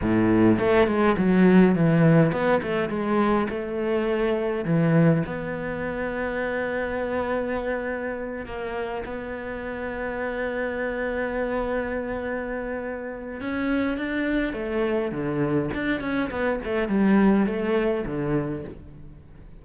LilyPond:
\new Staff \with { instrumentName = "cello" } { \time 4/4 \tempo 4 = 103 a,4 a8 gis8 fis4 e4 | b8 a8 gis4 a2 | e4 b2.~ | b2~ b8 ais4 b8~ |
b1~ | b2. cis'4 | d'4 a4 d4 d'8 cis'8 | b8 a8 g4 a4 d4 | }